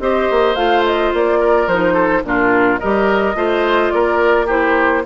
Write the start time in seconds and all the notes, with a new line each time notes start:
0.00 C4 G4 C5 D#5
0.31 A#3
0.55 A3 F4 F5
0.86 D#5
1.14 A#3 D5
1.40 A#4
1.67 F3 D#4 C5
1.94 A4
2.24 A#2 D4 F4 A#4
2.79 G3 G4 A#4 D#5
3.35 A3 F4 C5
3.91 A#3 A#4 D5
4.47 E4 G4 C5